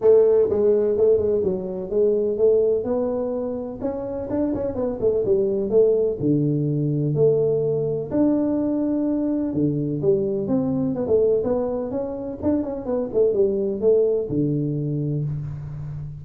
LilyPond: \new Staff \with { instrumentName = "tuba" } { \time 4/4 \tempo 4 = 126 a4 gis4 a8 gis8 fis4 | gis4 a4 b2 | cis'4 d'8 cis'8 b8 a8 g4 | a4 d2 a4~ |
a4 d'2. | d4 g4 c'4 b16 a8. | b4 cis'4 d'8 cis'8 b8 a8 | g4 a4 d2 | }